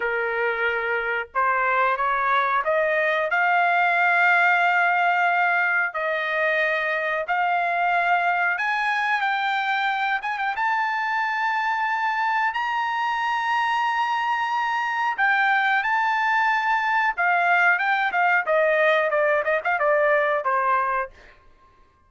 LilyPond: \new Staff \with { instrumentName = "trumpet" } { \time 4/4 \tempo 4 = 91 ais'2 c''4 cis''4 | dis''4 f''2.~ | f''4 dis''2 f''4~ | f''4 gis''4 g''4. gis''16 g''16 |
a''2. ais''4~ | ais''2. g''4 | a''2 f''4 g''8 f''8 | dis''4 d''8 dis''16 f''16 d''4 c''4 | }